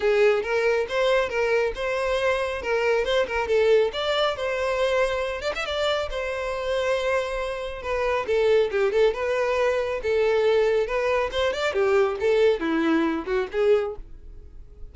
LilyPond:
\new Staff \with { instrumentName = "violin" } { \time 4/4 \tempo 4 = 138 gis'4 ais'4 c''4 ais'4 | c''2 ais'4 c''8 ais'8 | a'4 d''4 c''2~ | c''8 d''16 e''16 d''4 c''2~ |
c''2 b'4 a'4 | g'8 a'8 b'2 a'4~ | a'4 b'4 c''8 d''8 g'4 | a'4 e'4. fis'8 gis'4 | }